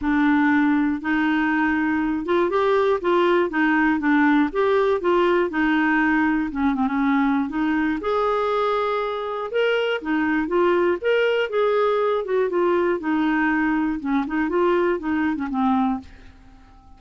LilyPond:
\new Staff \with { instrumentName = "clarinet" } { \time 4/4 \tempo 4 = 120 d'2 dis'2~ | dis'8 f'8 g'4 f'4 dis'4 | d'4 g'4 f'4 dis'4~ | dis'4 cis'8 c'16 cis'4~ cis'16 dis'4 |
gis'2. ais'4 | dis'4 f'4 ais'4 gis'4~ | gis'8 fis'8 f'4 dis'2 | cis'8 dis'8 f'4 dis'8. cis'16 c'4 | }